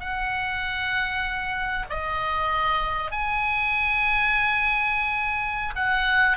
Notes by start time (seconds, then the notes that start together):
0.00 F#5
1.90 D#5
3.11 G#5
5.76 F#5